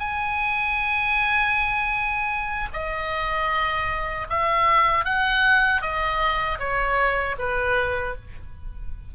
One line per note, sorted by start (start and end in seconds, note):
0.00 2.69 G#5
2.74 4.28 D#5
4.30 5.05 E5
5.05 5.82 F#5
5.82 6.59 D#5
6.59 7.36 C#5
7.38 8.15 B4